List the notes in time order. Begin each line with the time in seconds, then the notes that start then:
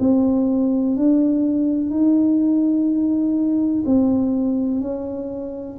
0.00 C4
0.97 D4
1.90 D#4
3.86 C4
4.81 C#4